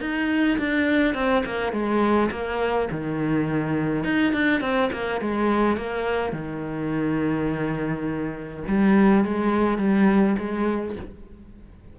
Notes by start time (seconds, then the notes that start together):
0.00 D#4
0.58 D4
1.14 C4
1.45 A#3
1.72 G#3
2.31 A#3
2.91 D#3
4.04 D#4
4.33 D4
4.60 C4
4.92 A#3
5.20 G#3
5.77 A#3
6.32 D#3
8.67 G3
9.24 G#3
9.78 G3
10.38 G#3